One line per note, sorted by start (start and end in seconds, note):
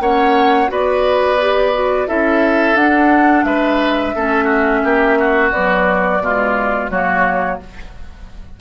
0.00 0.69 A#3
0.00 0.68 C#4
0.00 0.71 C#5
0.00 0.71 F#5
0.68 2.08 B3
0.68 1.37 F#4
0.68 2.08 B4
0.68 2.08 D5
1.40 1.73 G4
1.73 2.08 F#4
2.08 2.75 C#4
2.08 2.77 E4
2.08 3.46 A4
2.08 2.77 E5
2.75 3.44 D4
2.75 4.16 D4
2.75 3.44 F#5
3.44 4.14 G#3
3.44 4.15 B4
3.44 5.51 E5
4.15 4.84 A3
4.15 5.54 C#4
4.15 4.45 A4
4.45 4.79 F#4
4.84 5.52 A#3
4.84 5.19 G4
5.20 6.23 F#4
5.51 6.23 F#3
5.51 6.20 B3
5.51 6.89 D5
6.20 6.89 B2
6.20 6.92 G#3
6.20 6.91 F4
6.90 7.59 F#3
6.90 7.61 A#3
6.90 7.60 F#4
6.90 7.59 C#5